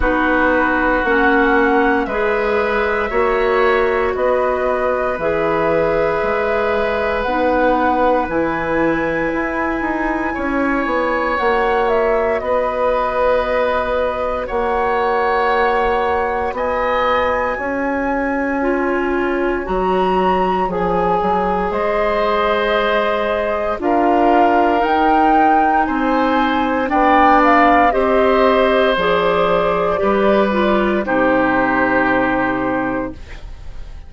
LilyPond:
<<
  \new Staff \with { instrumentName = "flute" } { \time 4/4 \tempo 4 = 58 b'4 fis''4 e''2 | dis''4 e''2 fis''4 | gis''2. fis''8 e''8 | dis''2 fis''2 |
gis''2. ais''4 | gis''4 dis''2 f''4 | g''4 gis''4 g''8 f''8 dis''4 | d''2 c''2 | }
  \new Staff \with { instrumentName = "oboe" } { \time 4/4 fis'2 b'4 cis''4 | b'1~ | b'2 cis''2 | b'2 cis''2 |
dis''4 cis''2.~ | cis''4 c''2 ais'4~ | ais'4 c''4 d''4 c''4~ | c''4 b'4 g'2 | }
  \new Staff \with { instrumentName = "clarinet" } { \time 4/4 dis'4 cis'4 gis'4 fis'4~ | fis'4 gis'2 dis'4 | e'2. fis'4~ | fis'1~ |
fis'2 f'4 fis'4 | gis'2. f'4 | dis'2 d'4 g'4 | gis'4 g'8 f'8 dis'2 | }
  \new Staff \with { instrumentName = "bassoon" } { \time 4/4 b4 ais4 gis4 ais4 | b4 e4 gis4 b4 | e4 e'8 dis'8 cis'8 b8 ais4 | b2 ais2 |
b4 cis'2 fis4 | f8 fis8 gis2 d'4 | dis'4 c'4 b4 c'4 | f4 g4 c2 | }
>>